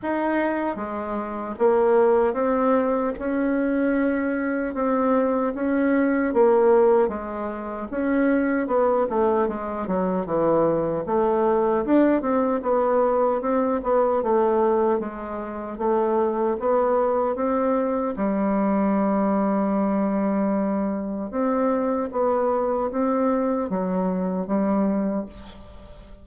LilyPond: \new Staff \with { instrumentName = "bassoon" } { \time 4/4 \tempo 4 = 76 dis'4 gis4 ais4 c'4 | cis'2 c'4 cis'4 | ais4 gis4 cis'4 b8 a8 | gis8 fis8 e4 a4 d'8 c'8 |
b4 c'8 b8 a4 gis4 | a4 b4 c'4 g4~ | g2. c'4 | b4 c'4 fis4 g4 | }